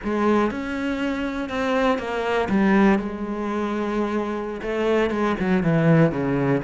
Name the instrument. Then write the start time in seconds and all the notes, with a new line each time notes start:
cello
0.03 G#3
0.50 C#4
1.49 C4
1.98 A#3
2.49 G3
2.98 G#3
4.62 A3
5.10 G#3
5.39 F#3
5.63 E3
6.11 C#3